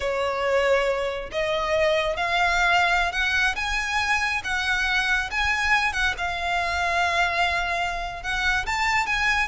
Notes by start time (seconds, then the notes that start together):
0.00 C#5
1.31 D#5
2.16 F5
3.12 F#5
3.55 G#5
4.43 F#5
5.30 G#5
5.93 F#5
6.17 F5
8.22 F#5
8.66 A5
9.06 G#5